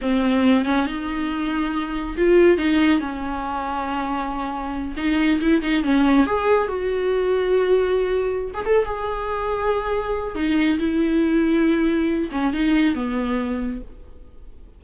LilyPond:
\new Staff \with { instrumentName = "viola" } { \time 4/4 \tempo 4 = 139 c'4. cis'8 dis'2~ | dis'4 f'4 dis'4 cis'4~ | cis'2.~ cis'8 dis'8~ | dis'8 e'8 dis'8 cis'4 gis'4 fis'8~ |
fis'2.~ fis'8. gis'16 | a'8 gis'2.~ gis'8 | dis'4 e'2.~ | e'8 cis'8 dis'4 b2 | }